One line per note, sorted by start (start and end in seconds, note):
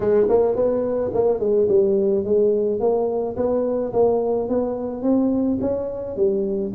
0.00 0.27 G#3
0.28 0.55 A#3
0.55 1.11 B3
1.13 1.39 A#3
1.39 1.67 G#3
1.68 2.24 G3
2.24 2.80 G#3
2.80 3.36 A#3
3.36 3.92 B3
3.92 4.48 A#3
4.49 5.02 B3
5.02 5.58 C4
5.60 6.16 C#4
6.16 6.72 G3